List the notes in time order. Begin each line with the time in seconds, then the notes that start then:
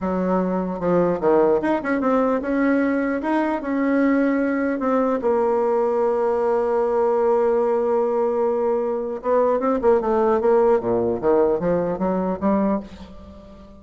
0.00 F#3
0.79 F3
1.20 D#3
1.61 D#4
1.82 C#4
2.00 C4
2.41 C#4
3.21 D#4
3.61 C#4
4.79 C4
5.21 A#3
9.22 B3
9.59 C4
9.81 A#3
10.01 A3
10.40 A#3
10.80 A#2
11.21 D#3
11.59 F3
11.98 F#3
12.40 G3